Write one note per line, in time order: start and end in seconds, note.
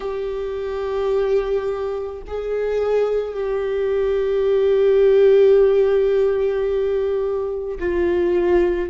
0.00 2.22 G4
2.27 3.33 G#4
3.33 7.78 G4
7.79 8.89 F4